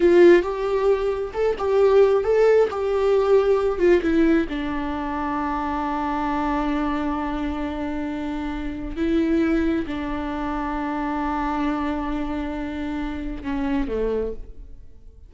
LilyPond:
\new Staff \with { instrumentName = "viola" } { \time 4/4 \tempo 4 = 134 f'4 g'2 a'8 g'8~ | g'4 a'4 g'2~ | g'8 f'8 e'4 d'2~ | d'1~ |
d'1 | e'2 d'2~ | d'1~ | d'2 cis'4 a4 | }